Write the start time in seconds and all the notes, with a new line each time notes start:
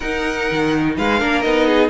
0.00 D#4 A#4 F#5
0.51 D#3
0.97 G#3 B4 F5
1.19 A#3 D4 A#4
1.41 B3 D#4 D#5
1.67 G#4